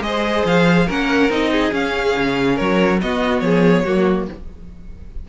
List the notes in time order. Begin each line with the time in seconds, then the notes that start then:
0.00 G#3 G#4 D#5
0.06 C5
0.45 F3 F5
0.87 A#3 C#4 A#4 F#5
1.29 C4 D#4 D#5
1.51 G#4
1.71 C#4 F5
2.17 C#3
2.55 F#3 A#4 C#5
3.01 B3 F#4 D#5
3.40 F3 G#4 C#5
3.85 F#3 A#3 F#4